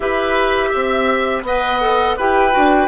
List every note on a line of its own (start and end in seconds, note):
0.00 0.72 E4
0.00 1.44 G4
0.00 0.69 B4
0.00 1.45 E5
0.69 1.42 C4
0.69 1.41 E5
1.42 2.14 B3
1.42 1.81 B4
1.42 2.16 D#5
1.42 2.17 F#5
1.81 2.17 A4
2.16 2.54 E4
2.16 2.51 G4
2.16 2.88 B4
2.16 2.88 G5
2.51 2.88 D4
2.51 2.87 F#4